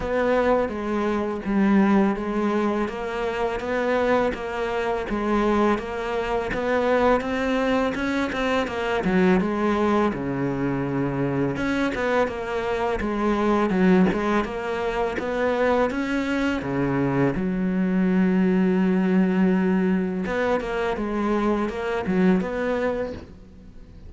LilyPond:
\new Staff \with { instrumentName = "cello" } { \time 4/4 \tempo 4 = 83 b4 gis4 g4 gis4 | ais4 b4 ais4 gis4 | ais4 b4 c'4 cis'8 c'8 | ais8 fis8 gis4 cis2 |
cis'8 b8 ais4 gis4 fis8 gis8 | ais4 b4 cis'4 cis4 | fis1 | b8 ais8 gis4 ais8 fis8 b4 | }